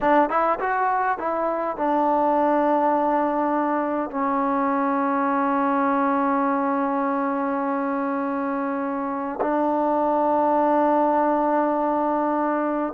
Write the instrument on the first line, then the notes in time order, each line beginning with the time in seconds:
trombone
0.00 D4
0.29 E4
0.59 F#4
1.18 E4
1.76 D4
4.10 C#4
9.41 D4